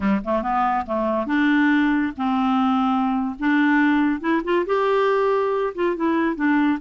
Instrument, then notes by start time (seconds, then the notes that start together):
clarinet
0.00 G3
0.24 A3
0.42 B3
0.86 A3
1.26 D4
2.17 C4
3.39 D4
4.20 E4
4.44 F4
4.65 G4
5.74 F4
5.96 E4
6.35 D4